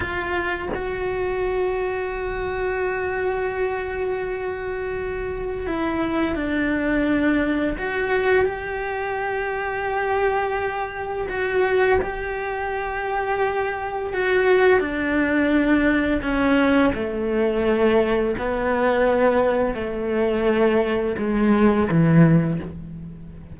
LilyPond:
\new Staff \with { instrumentName = "cello" } { \time 4/4 \tempo 4 = 85 f'4 fis'2.~ | fis'1 | e'4 d'2 fis'4 | g'1 |
fis'4 g'2. | fis'4 d'2 cis'4 | a2 b2 | a2 gis4 e4 | }